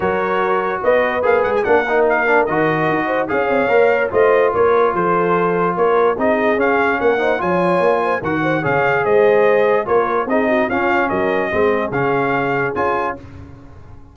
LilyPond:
<<
  \new Staff \with { instrumentName = "trumpet" } { \time 4/4 \tempo 4 = 146 cis''2 dis''4 f''8 fis''16 gis''16 | fis''4 f''4 dis''2 | f''2 dis''4 cis''4 | c''2 cis''4 dis''4 |
f''4 fis''4 gis''2 | fis''4 f''4 dis''2 | cis''4 dis''4 f''4 dis''4~ | dis''4 f''2 gis''4 | }
  \new Staff \with { instrumentName = "horn" } { \time 4/4 ais'2 b'2 | ais'2.~ ais'8 c''8 | cis''2 c''4 ais'4 | a'2 ais'4 gis'4~ |
gis'4 ais'8 c''8 cis''4. c''8 | ais'8 c''8 cis''4 c''2 | ais'4 gis'8 fis'8 f'4 ais'4 | gis'1 | }
  \new Staff \with { instrumentName = "trombone" } { \time 4/4 fis'2. gis'4 | d'8 dis'4 d'8 fis'2 | gis'4 ais'4 f'2~ | f'2. dis'4 |
cis'4. dis'8 f'2 | fis'4 gis'2. | f'4 dis'4 cis'2 | c'4 cis'2 f'4 | }
  \new Staff \with { instrumentName = "tuba" } { \time 4/4 fis2 b4 ais8 gis8 | ais2 dis4 dis'4 | cis'8 c'8 ais4 a4 ais4 | f2 ais4 c'4 |
cis'4 ais4 f4 ais4 | dis4 cis4 gis2 | ais4 c'4 cis'4 fis4 | gis4 cis2 cis'4 | }
>>